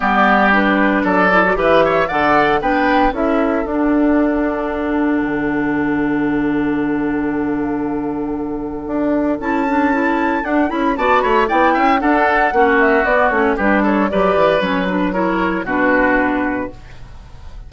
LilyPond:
<<
  \new Staff \with { instrumentName = "flute" } { \time 4/4 \tempo 4 = 115 d''4 b'4 d''4 e''4 | fis''4 g''4 e''4 fis''4~ | fis''1~ | fis''1~ |
fis''2 a''2 | fis''8 b''8 a''8 b''8 g''4 fis''4~ | fis''8 e''8 d''8 cis''8 b'8 cis''8 d''4 | cis''8 b'8 cis''4 b'2 | }
  \new Staff \with { instrumentName = "oboe" } { \time 4/4 g'2 a'4 b'8 cis''8 | d''4 b'4 a'2~ | a'1~ | a'1~ |
a'1~ | a'4 d''8 cis''8 d''8 e''8 a'4 | fis'2 g'8 a'8 b'4~ | b'4 ais'4 fis'2 | }
  \new Staff \with { instrumentName = "clarinet" } { \time 4/4 b4 d'4. e'16 fis'16 g'4 | a'4 d'4 e'4 d'4~ | d'1~ | d'1~ |
d'2 e'8 d'8 e'4 | d'8 e'8 fis'4 e'4 d'4 | cis'4 b8 cis'8 d'4 g'4 | cis'8 d'8 e'4 d'2 | }
  \new Staff \with { instrumentName = "bassoon" } { \time 4/4 g2 fis4 e4 | d4 b4 cis'4 d'4~ | d'2 d2~ | d1~ |
d4 d'4 cis'2 | d'8 cis'8 b8 a8 b8 cis'8 d'4 | ais4 b8 a8 g4 fis8 e8 | fis2 b,2 | }
>>